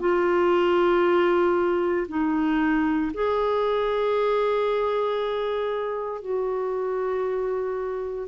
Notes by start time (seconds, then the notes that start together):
0.00 F4
2.09 D#4
3.14 G#4
6.22 F#4